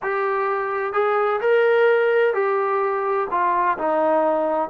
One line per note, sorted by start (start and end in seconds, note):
0.02 0.93 G4
0.93 1.40 G#4
1.40 2.34 A#4
2.34 3.27 G4
3.30 3.77 F4
3.78 4.69 D#4